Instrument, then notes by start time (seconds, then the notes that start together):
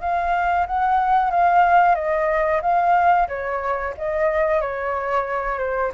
flute
0.00 F5
0.67 F#5
1.30 F5
1.95 D#5
2.61 F5
3.28 C#5
3.97 D#5
4.61 C#5
5.58 C5